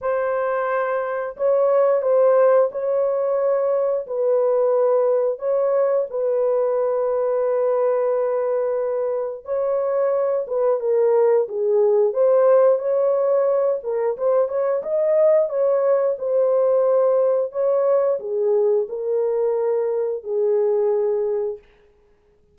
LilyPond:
\new Staff \with { instrumentName = "horn" } { \time 4/4 \tempo 4 = 89 c''2 cis''4 c''4 | cis''2 b'2 | cis''4 b'2.~ | b'2 cis''4. b'8 |
ais'4 gis'4 c''4 cis''4~ | cis''8 ais'8 c''8 cis''8 dis''4 cis''4 | c''2 cis''4 gis'4 | ais'2 gis'2 | }